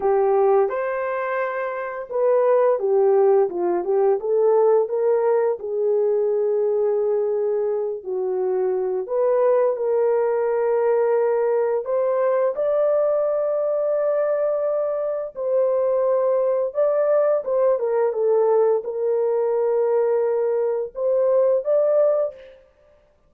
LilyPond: \new Staff \with { instrumentName = "horn" } { \time 4/4 \tempo 4 = 86 g'4 c''2 b'4 | g'4 f'8 g'8 a'4 ais'4 | gis'2.~ gis'8 fis'8~ | fis'4 b'4 ais'2~ |
ais'4 c''4 d''2~ | d''2 c''2 | d''4 c''8 ais'8 a'4 ais'4~ | ais'2 c''4 d''4 | }